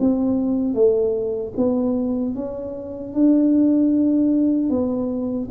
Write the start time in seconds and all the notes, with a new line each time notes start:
0.00 C4
0.74 A3
1.57 B3
2.35 C#4
3.14 D4
4.70 B3